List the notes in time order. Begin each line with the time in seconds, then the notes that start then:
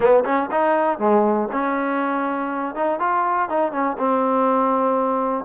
0.00 B3
0.25 C#4
0.51 D#4
0.98 G#3
1.52 C#4
2.75 D#4
2.99 F4
3.49 D#4
3.72 C#4
3.98 C4